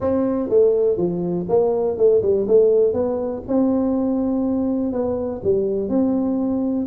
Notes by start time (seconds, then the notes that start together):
0.00 C4
0.49 A3
0.97 F3
1.48 A#3
1.97 A3
2.22 G3
2.47 A3
2.93 B3
3.47 C4
4.92 B3
5.43 G3
5.88 C4